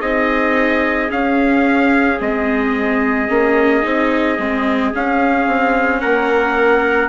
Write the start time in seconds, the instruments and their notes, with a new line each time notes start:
0.00 bassoon C4, viola D#4, trumpet G#4 D#5
1.09 viola C#4, bassoon C#4, trumpet F5
2.20 bassoon G#3, viola C4, trumpet D#5
3.29 bassoon A#3, viola C#4
3.83 bassoon C4, viola D#4
4.39 bassoon G#3, viola C4
4.94 bassoon C#4, viola C#4, trumpet F5
5.47 bassoon C4
6.01 bassoon A#3, trumpet A#4 F#5